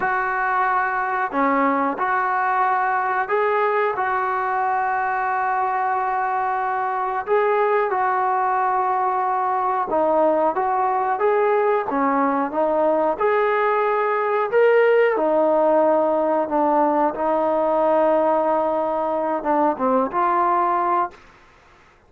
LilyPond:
\new Staff \with { instrumentName = "trombone" } { \time 4/4 \tempo 4 = 91 fis'2 cis'4 fis'4~ | fis'4 gis'4 fis'2~ | fis'2. gis'4 | fis'2. dis'4 |
fis'4 gis'4 cis'4 dis'4 | gis'2 ais'4 dis'4~ | dis'4 d'4 dis'2~ | dis'4. d'8 c'8 f'4. | }